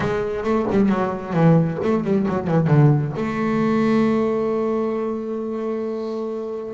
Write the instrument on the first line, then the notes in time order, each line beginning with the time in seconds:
double bass
0.00 G#3
0.43 A3
0.70 G3
0.88 F#3
1.33 E3
1.83 A3
2.04 G3
2.28 F#3
2.47 E3
2.67 D3
3.16 A3